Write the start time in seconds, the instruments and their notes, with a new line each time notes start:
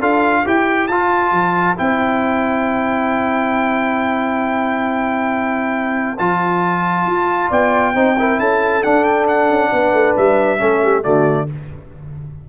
0.00 tuba D4, trombone F4, horn A4, trumpet F5
0.44 tuba E4, trombone G4, horn C5, trumpet G5
0.88 tuba F4, trombone F4, trumpet A5
1.32 tuba F3
1.77 tuba C4, trombone E4, trumpet G5
6.19 tuba F3, trombone F4, trumpet A5
7.06 tuba F4
7.50 tuba B3, horn D5, trumpet G5
7.95 tuba C4, trombone D#4, horn C5
8.19 trombone E4, horn A#4
8.40 tuba C#4, horn A4, trumpet A5
8.83 trombone D4, tuba D4, trumpet F#5
9.04 trumpet G5
9.28 trumpet F#5
9.50 tuba C#4
9.73 tuba B3, horn B4
9.93 tuba A3
10.17 tuba G3, trumpet E5
10.59 tuba A3, trombone C#4, horn A4
10.84 horn G4
11.03 tuba D3, trombone A3, horn F#4, trumpet D5